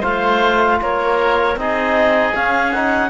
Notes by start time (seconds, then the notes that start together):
0.00 A3 F4 C5 F5
0.81 A#3 A#4 C#5
1.56 C4 D#4 G#4 D#5
2.34 C#4 F5
2.72 D#4 F#5